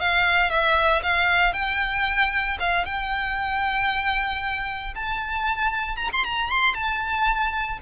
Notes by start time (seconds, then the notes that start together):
0.00 F5
0.50 E5
1.03 F5
1.53 G5
2.60 F5
2.86 G5
4.95 A5
5.96 A#5
6.12 C6
6.25 A#5
6.50 C6
6.75 A5